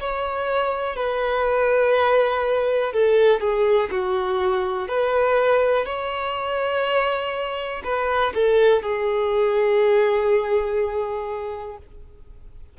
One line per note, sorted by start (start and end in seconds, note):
0.00 0.96 C#5
0.96 2.92 B4
2.92 3.40 A4
3.40 3.89 G#4
3.91 4.88 F#4
4.88 5.85 B4
5.85 7.82 C#5
7.84 8.33 B4
8.34 8.82 A4
8.82 11.77 G#4